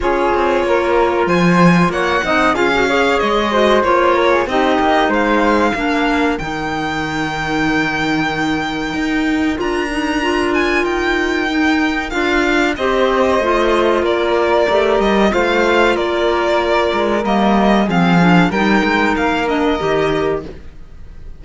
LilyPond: <<
  \new Staff \with { instrumentName = "violin" } { \time 4/4 \tempo 4 = 94 cis''2 gis''4 fis''4 | f''4 dis''4 cis''4 dis''4 | f''2 g''2~ | g''2. ais''4~ |
ais''8 gis''8 g''2 f''4 | dis''2 d''4. dis''8 | f''4 d''2 dis''4 | f''4 g''4 f''8 dis''4. | }
  \new Staff \with { instrumentName = "flute" } { \time 4/4 gis'4 ais'4 c''4 cis''8 dis''8 | gis'8 cis''4 c''4 ais'16 gis'16 g'4 | c''4 ais'2.~ | ais'1~ |
ais'1 | c''2 ais'2 | c''4 ais'2. | gis'4 ais'2. | }
  \new Staff \with { instrumentName = "clarinet" } { \time 4/4 f'2.~ f'8 dis'8 | f'16 fis'16 gis'4 fis'8 f'4 dis'4~ | dis'4 d'4 dis'2~ | dis'2. f'8 dis'8 |
f'2 dis'4 f'4 | g'4 f'2 g'4 | f'2. ais4 | c'8 d'8 dis'4. d'8 g'4 | }
  \new Staff \with { instrumentName = "cello" } { \time 4/4 cis'8 c'8 ais4 f4 ais8 c'8 | cis'4 gis4 ais4 c'8 ais8 | gis4 ais4 dis2~ | dis2 dis'4 d'4~ |
d'4 dis'2 d'4 | c'4 a4 ais4 a8 g8 | a4 ais4. gis8 g4 | f4 g8 gis8 ais4 dis4 | }
>>